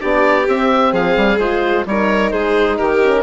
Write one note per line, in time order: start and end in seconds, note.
0.00 0.48 B3
0.00 0.47 D4
0.00 0.93 G4
0.00 0.47 D5
0.48 0.93 C4
0.48 1.40 C4
0.48 0.95 E5
0.93 1.16 F3
0.93 1.86 G#4
0.93 1.39 F5
1.17 1.39 G3
1.39 1.86 G#3
1.39 1.86 F4
1.39 1.86 C5
1.86 2.32 G3
1.86 3.03 D#4
1.86 2.33 A#4
1.86 2.31 C#5
2.31 2.80 G#3
2.31 2.79 G#4
2.31 2.78 C5
2.78 3.24 D#3
2.78 3.24 G4
2.78 3.24 A#4
3.03 3.24 C#4